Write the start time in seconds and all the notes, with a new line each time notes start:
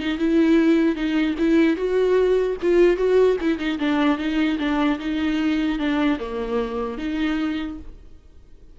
0.00 D#4
0.18 E4
0.95 D#4
1.39 E4
1.76 F#4
2.62 F4
2.97 F#4
3.41 E4
3.58 D#4
3.79 D4
4.18 D#4
4.59 D4
4.99 D#4
5.79 D4
6.19 A#3
6.98 D#4